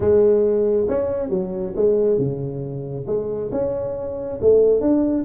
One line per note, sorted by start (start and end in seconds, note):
0.00 0.87 G#3
0.88 1.29 C#4
1.29 1.73 F#3
1.75 2.18 G#3
2.18 3.05 C#3
3.07 3.50 G#3
3.51 4.39 C#4
4.41 4.80 A3
4.80 5.24 D4